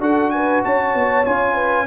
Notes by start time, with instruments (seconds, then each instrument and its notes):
0.00 tuba D4, trombone F#4, horn A4, trumpet F#5
0.30 horn B4, trumpet G#5
0.64 tuba C#4, horn C#5, trumpet A5
0.94 tuba B3
1.24 tuba C#4, trombone F4, trumpet G#5
1.54 horn B4